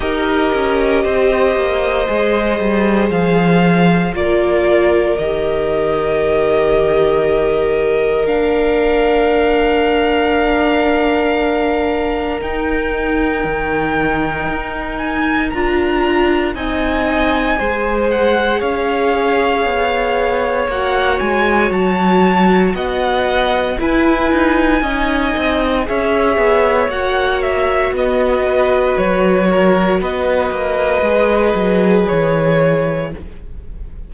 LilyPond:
<<
  \new Staff \with { instrumentName = "violin" } { \time 4/4 \tempo 4 = 58 dis''2. f''4 | d''4 dis''2. | f''1 | g''2~ g''8 gis''8 ais''4 |
gis''4. fis''8 f''2 | fis''8 gis''8 a''4 fis''4 gis''4~ | gis''4 e''4 fis''8 e''8 dis''4 | cis''4 dis''2 cis''4 | }
  \new Staff \with { instrumentName = "violin" } { \time 4/4 ais'4 c''2. | ais'1~ | ais'1~ | ais'1 |
dis''4 c''4 cis''2~ | cis''2 dis''4 b'4 | dis''4 cis''2 b8 b'8~ | b'8 ais'8 b'2. | }
  \new Staff \with { instrumentName = "viola" } { \time 4/4 g'2 gis'2 | f'4 g'2. | d'1 | dis'2. f'4 |
dis'4 gis'2. | fis'2. e'4 | dis'4 gis'4 fis'2~ | fis'2 gis'2 | }
  \new Staff \with { instrumentName = "cello" } { \time 4/4 dis'8 cis'8 c'8 ais8 gis8 g8 f4 | ais4 dis2. | ais1 | dis'4 dis4 dis'4 d'4 |
c'4 gis4 cis'4 b4 | ais8 gis8 fis4 b4 e'8 dis'8 | cis'8 c'8 cis'8 b8 ais4 b4 | fis4 b8 ais8 gis8 fis8 e4 | }
>>